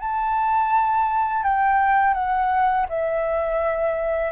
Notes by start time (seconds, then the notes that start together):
0.00 A5
1.44 G5
2.14 F#5
2.89 E5